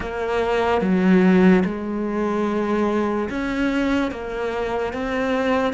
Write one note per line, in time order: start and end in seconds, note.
0.00 0.81 A#3
0.81 1.63 F#3
1.64 3.29 G#3
3.29 4.11 C#4
4.11 4.93 A#3
4.93 5.73 C4